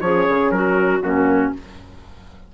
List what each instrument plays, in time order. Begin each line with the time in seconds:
0.00 bassoon F3, horn C#4, clarinet G#4, trumpet C#5
0.29 bassoon C#3
0.50 bassoon F#3, clarinet F#4, trumpet A#4
1.02 bassoon F#2, horn A#3, clarinet C#4, trumpet F#4